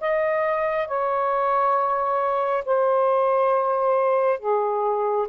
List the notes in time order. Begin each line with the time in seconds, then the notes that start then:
0.00 D#5
0.87 C#5
2.65 C5
4.39 G#4